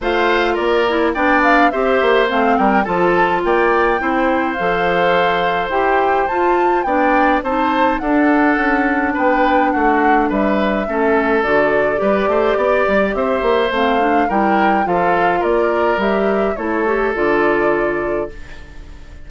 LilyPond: <<
  \new Staff \with { instrumentName = "flute" } { \time 4/4 \tempo 4 = 105 f''4 d''4 g''8 f''8 e''4 | f''8 g''8 a''4 g''2 | f''2 g''4 a''4 | g''4 a''4 fis''2 |
g''4 fis''4 e''2 | d''2. e''4 | f''4 g''4 f''4 d''4 | e''4 cis''4 d''2 | }
  \new Staff \with { instrumentName = "oboe" } { \time 4/4 c''4 ais'4 d''4 c''4~ | c''8 ais'8 a'4 d''4 c''4~ | c''1 | d''4 c''4 a'2 |
b'4 fis'4 b'4 a'4~ | a'4 b'8 c''8 d''4 c''4~ | c''4 ais'4 a'4 ais'4~ | ais'4 a'2. | }
  \new Staff \with { instrumentName = "clarinet" } { \time 4/4 f'4. e'8 d'4 g'4 | c'4 f'2 e'4 | a'2 g'4 f'4 | d'4 dis'4 d'2~ |
d'2. cis'4 | fis'4 g'2. | c'8 d'8 e'4 f'2 | g'4 e'8 g'8 f'2 | }
  \new Staff \with { instrumentName = "bassoon" } { \time 4/4 a4 ais4 b4 c'8 ais8 | a8 g8 f4 ais4 c'4 | f2 e'4 f'4 | b4 c'4 d'4 cis'4 |
b4 a4 g4 a4 | d4 g8 a8 b8 g8 c'8 ais8 | a4 g4 f4 ais4 | g4 a4 d2 | }
>>